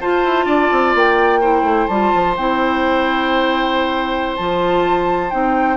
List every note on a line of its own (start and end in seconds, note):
0.00 1.42 F4
0.00 0.24 F4
0.00 0.45 C5
0.00 0.94 A5
0.24 0.45 E4
0.45 0.68 D4
0.45 1.40 D5
0.71 0.94 C4
0.94 1.62 A#3
0.94 1.87 G5
1.40 1.89 E4
1.40 5.77 C5
1.62 1.86 A3
1.87 2.12 G3
1.87 2.38 F4
1.87 2.34 A5
2.14 2.37 F3
2.36 4.38 C4
2.36 4.38 E4
2.36 4.36 G5
4.36 5.32 F3
4.36 5.31 F4
4.36 5.30 A5
5.30 5.77 C4
5.30 5.77 D#4
5.30 5.77 G5